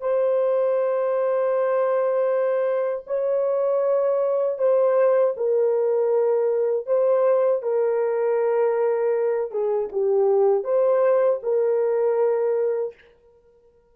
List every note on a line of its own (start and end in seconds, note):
0.00 3.04 C5
3.07 4.58 C#5
4.58 5.34 C5
5.36 6.86 A#4
6.86 7.62 C5
7.62 9.51 A#4
9.51 9.89 G#4
9.92 10.64 G4
10.64 11.40 C5
11.42 12.94 A#4